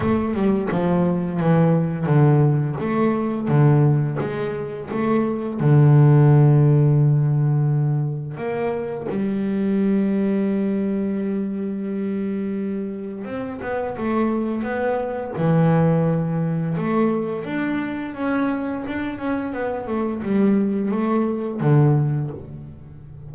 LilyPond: \new Staff \with { instrumentName = "double bass" } { \time 4/4 \tempo 4 = 86 a8 g8 f4 e4 d4 | a4 d4 gis4 a4 | d1 | ais4 g2.~ |
g2. c'8 b8 | a4 b4 e2 | a4 d'4 cis'4 d'8 cis'8 | b8 a8 g4 a4 d4 | }